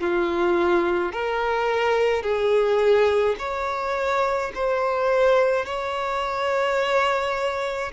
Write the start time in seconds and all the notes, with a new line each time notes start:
0.00 F4
1.12 A#4
2.23 G#4
3.39 C#5
4.55 C5
5.66 C#5